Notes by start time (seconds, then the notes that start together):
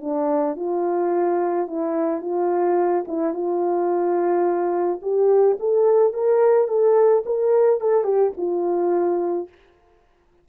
0.00 D4
0.56 F4
1.67 E4
2.21 F4
3.07 E4
3.33 F4
5.02 G4
5.60 A4
6.13 A#4
6.68 A4
7.25 A#4
7.80 A4
8.04 G4
8.37 F4